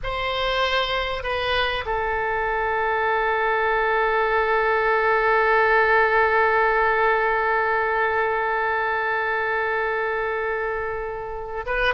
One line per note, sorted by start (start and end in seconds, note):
0.03 1.23 C5
1.23 1.84 B4
1.85 11.65 A4
11.65 11.94 B4